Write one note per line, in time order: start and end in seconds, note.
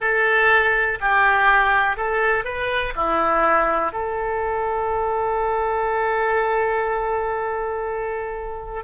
0.00 0.98 A4
1.00 1.96 G4
1.96 2.44 A4
2.44 2.93 B4
2.95 3.92 E4
3.92 8.83 A4